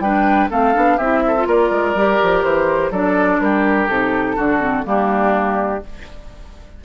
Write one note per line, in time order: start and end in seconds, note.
0.00 0.48 G3
0.00 0.50 D4
0.00 0.50 B4
0.00 0.49 G5
0.50 0.76 A3
0.50 0.74 C4
0.50 0.98 A4
0.50 0.98 F5
0.74 0.99 B3
0.74 0.98 D4
0.98 1.47 C4
0.98 1.36 E4
0.98 1.22 G4
0.98 1.46 E5
1.28 1.48 A4
1.36 1.97 F4
1.47 1.71 A#3
1.47 2.92 A#4
1.47 2.44 D5
1.71 1.95 G#3
1.95 2.19 G3
1.95 2.93 G4
2.23 2.44 F3
2.44 2.91 E3
2.44 2.92 C5
2.91 3.39 F#3
2.91 3.90 D4
2.91 3.40 A4
2.91 3.41 D5
3.41 3.89 G3
3.41 4.36 G4
3.41 3.89 A#4
3.89 4.37 C3
3.89 4.37 D#4
3.89 4.86 A4
4.36 4.86 D3
4.36 4.60 D4
4.36 4.85 F#4
4.60 4.84 C4
4.84 5.83 G3
4.84 5.81 A#3
4.84 5.85 D4
4.84 5.85 G4